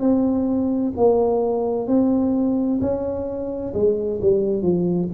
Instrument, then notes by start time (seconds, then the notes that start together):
tuba
0.00 C4
0.97 A#3
1.87 C4
2.81 C#4
3.73 G#3
4.21 G3
4.62 F3